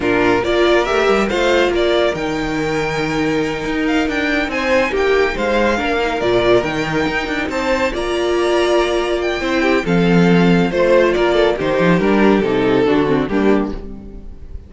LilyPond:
<<
  \new Staff \with { instrumentName = "violin" } { \time 4/4 \tempo 4 = 140 ais'4 d''4 e''4 f''4 | d''4 g''2.~ | g''4 f''8 g''4 gis''4 g''8~ | g''8 f''2 d''4 g''8~ |
g''4. a''4 ais''4.~ | ais''4. g''4. f''4~ | f''4 c''4 d''4 c''4 | ais'4 a'2 g'4 | }
  \new Staff \with { instrumentName = "violin" } { \time 4/4 f'4 ais'2 c''4 | ais'1~ | ais'2~ ais'8 c''4 g'8~ | g'8 c''4 ais'2~ ais'8~ |
ais'4. c''4 d''4.~ | d''2 c''8 g'8 a'4~ | a'4 c''4 ais'8 a'8 g'4~ | g'2 fis'4 d'4 | }
  \new Staff \with { instrumentName = "viola" } { \time 4/4 d'4 f'4 g'4 f'4~ | f'4 dis'2.~ | dis'1~ | dis'4. d'8 dis'8 f'4 dis'8~ |
dis'2~ dis'8 f'4.~ | f'2 e'4 c'4~ | c'4 f'2 dis'4 | d'4 dis'4 d'8 c'8 ais4 | }
  \new Staff \with { instrumentName = "cello" } { \time 4/4 ais,4 ais4 a8 g8 a4 | ais4 dis2.~ | dis8 dis'4 d'4 c'4 ais8~ | ais8 gis4 ais4 ais,4 dis8~ |
dis8 dis'8 d'8 c'4 ais4.~ | ais2 c'4 f4~ | f4 a4 ais4 dis8 f8 | g4 c4 d4 g4 | }
>>